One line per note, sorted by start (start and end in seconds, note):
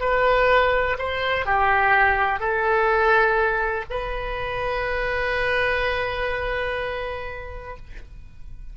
0.00 0.97 B4
0.99 1.46 C5
1.46 2.39 G4
2.39 3.84 A4
3.90 7.77 B4